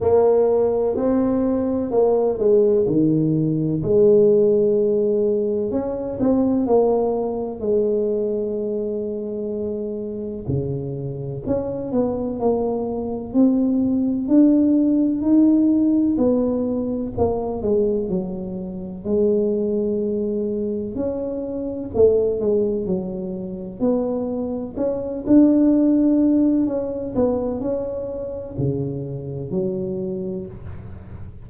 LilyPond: \new Staff \with { instrumentName = "tuba" } { \time 4/4 \tempo 4 = 63 ais4 c'4 ais8 gis8 dis4 | gis2 cis'8 c'8 ais4 | gis2. cis4 | cis'8 b8 ais4 c'4 d'4 |
dis'4 b4 ais8 gis8 fis4 | gis2 cis'4 a8 gis8 | fis4 b4 cis'8 d'4. | cis'8 b8 cis'4 cis4 fis4 | }